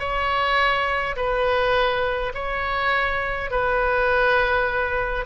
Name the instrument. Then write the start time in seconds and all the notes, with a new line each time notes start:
oboe
0.00 C#5
1.17 B4
2.35 C#5
3.51 B4